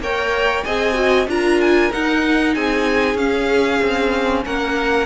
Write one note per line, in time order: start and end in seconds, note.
0.00 0.63 A#3
0.00 0.66 A#4
0.00 0.65 C#5
0.00 0.64 G5
0.64 1.27 C4
0.64 0.94 G#4
0.64 1.28 D#5
0.64 1.27 G#5
0.94 1.26 F#4
1.27 1.90 D4
1.27 1.91 F4
1.27 2.54 A#4
1.27 1.61 A#5
1.61 1.92 G#5
1.91 3.17 D#4
1.91 2.56 D#4
1.91 2.54 F#5
2.54 3.15 C4
2.54 4.44 G#4
2.54 3.17 G#5
3.15 3.78 C#4
3.15 5.06 C#4
3.15 4.44 F5
3.82 4.45 C4
4.45 5.06 A#3
4.45 5.06 A#4
4.45 5.06 F#5